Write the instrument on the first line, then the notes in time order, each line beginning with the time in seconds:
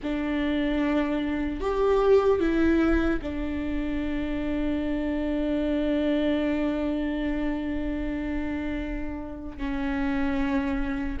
viola
0.03 D4
1.60 G4
2.40 E4
3.21 D4
9.57 C#4